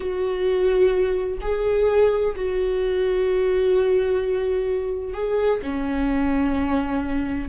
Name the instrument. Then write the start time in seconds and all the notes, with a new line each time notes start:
viola
0.00 F#4
1.41 G#4
2.35 F#4
5.13 G#4
5.62 C#4